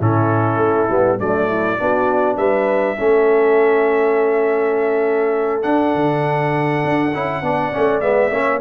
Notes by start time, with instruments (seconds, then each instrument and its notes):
0.00 tuba A2, trombone C#4, horn E4, trumpet A4
0.58 tuba A3
0.90 tuba G3, trombone B3
1.19 tuba F#3, trombone A3, horn D4, trumpet D5
1.49 horn E4
1.79 tuba B3, trombone D4, horn F#4
2.37 tuba G3, horn B4, trumpet E5
2.97 tuba A3, trombone C#4, horn A4
5.63 trombone D4, tuba D4, trumpet F#5
5.95 tuba D3
6.85 tuba D4
7.14 tuba C#4, trombone E4
7.42 tuba B3, trombone D4, horn D5
7.72 tuba A3, trombone C#4
8.01 tuba G#3, trombone B3, trumpet E5
8.32 tuba A#3, trombone C#4, horn C#5